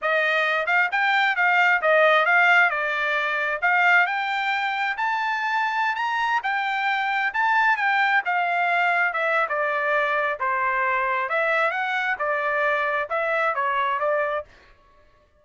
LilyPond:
\new Staff \with { instrumentName = "trumpet" } { \time 4/4 \tempo 4 = 133 dis''4. f''8 g''4 f''4 | dis''4 f''4 d''2 | f''4 g''2 a''4~ | a''4~ a''16 ais''4 g''4.~ g''16~ |
g''16 a''4 g''4 f''4.~ f''16~ | f''16 e''8. d''2 c''4~ | c''4 e''4 fis''4 d''4~ | d''4 e''4 cis''4 d''4 | }